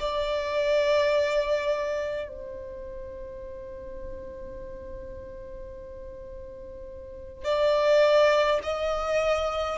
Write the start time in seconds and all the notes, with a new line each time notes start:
0.00 D5
2.29 C5
7.44 D5
8.63 D#5